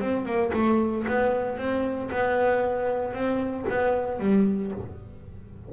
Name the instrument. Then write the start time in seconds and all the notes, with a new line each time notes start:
double bass
0.00 C4
0.25 A#3
0.53 A3
1.07 B3
1.57 C4
2.11 B3
3.13 C4
3.69 B3
4.19 G3